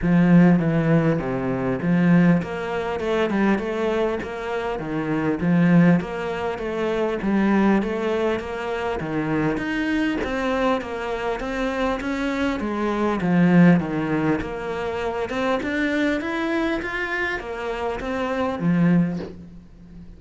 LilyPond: \new Staff \with { instrumentName = "cello" } { \time 4/4 \tempo 4 = 100 f4 e4 c4 f4 | ais4 a8 g8 a4 ais4 | dis4 f4 ais4 a4 | g4 a4 ais4 dis4 |
dis'4 c'4 ais4 c'4 | cis'4 gis4 f4 dis4 | ais4. c'8 d'4 e'4 | f'4 ais4 c'4 f4 | }